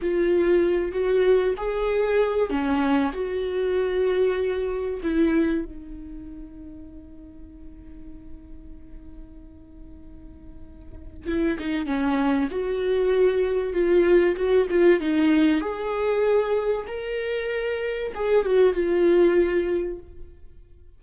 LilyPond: \new Staff \with { instrumentName = "viola" } { \time 4/4 \tempo 4 = 96 f'4. fis'4 gis'4. | cis'4 fis'2. | e'4 dis'2.~ | dis'1~ |
dis'2 e'8 dis'8 cis'4 | fis'2 f'4 fis'8 f'8 | dis'4 gis'2 ais'4~ | ais'4 gis'8 fis'8 f'2 | }